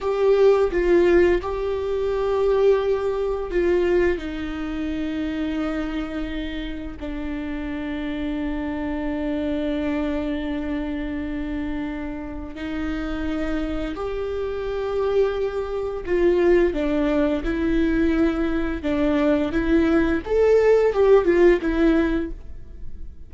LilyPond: \new Staff \with { instrumentName = "viola" } { \time 4/4 \tempo 4 = 86 g'4 f'4 g'2~ | g'4 f'4 dis'2~ | dis'2 d'2~ | d'1~ |
d'2 dis'2 | g'2. f'4 | d'4 e'2 d'4 | e'4 a'4 g'8 f'8 e'4 | }